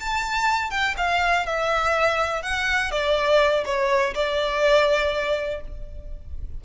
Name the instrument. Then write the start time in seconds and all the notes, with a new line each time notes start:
violin
0.00 A5
0.70 G5
0.97 F5
1.46 E5
2.42 F#5
2.91 D5
3.65 C#5
4.14 D5